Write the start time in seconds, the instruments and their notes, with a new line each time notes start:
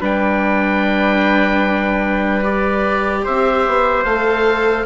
0.00 bassoon G3, viola D4, trumpet B4, oboe G5
2.43 viola G4, oboe D5
3.24 bassoon C4, trumpet C5, oboe E5
3.67 bassoon B3
4.04 bassoon A3, viola A4, oboe F5